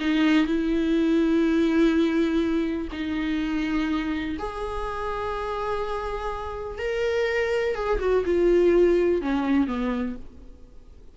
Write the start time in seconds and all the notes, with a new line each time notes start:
0.00 D#4
0.46 E4
2.92 D#4
4.39 G#4
6.79 A#4
7.75 G#4
8.00 F#4
8.25 F4
9.22 C#4
9.67 B3